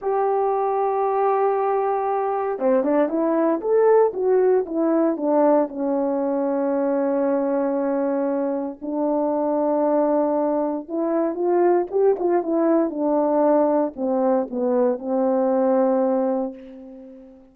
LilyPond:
\new Staff \with { instrumentName = "horn" } { \time 4/4 \tempo 4 = 116 g'1~ | g'4 c'8 d'8 e'4 a'4 | fis'4 e'4 d'4 cis'4~ | cis'1~ |
cis'4 d'2.~ | d'4 e'4 f'4 g'8 f'8 | e'4 d'2 c'4 | b4 c'2. | }